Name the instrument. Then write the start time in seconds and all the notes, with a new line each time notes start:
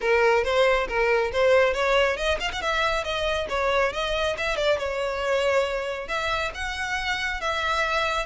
violin
0.00 A#4
0.44 C5
0.88 A#4
1.32 C5
1.73 C#5
2.16 D#5
2.40 F5
2.52 F#5
2.61 E5
3.03 D#5
3.49 C#5
3.92 D#5
4.37 E5
4.56 D5
4.78 C#5
6.08 E5
6.54 F#5
7.40 E5